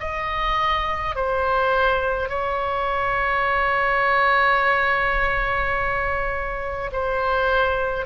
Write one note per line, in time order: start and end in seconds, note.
0.00 1.15 D#5
1.16 2.29 C5
2.29 6.91 C#5
6.92 8.06 C5